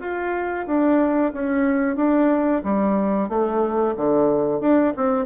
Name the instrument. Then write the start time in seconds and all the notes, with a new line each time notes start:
bassoon
0.00 F4
0.67 D4
1.33 C#4
1.96 D4
2.64 G3
3.29 A3
3.97 D3
4.60 D4
4.97 C4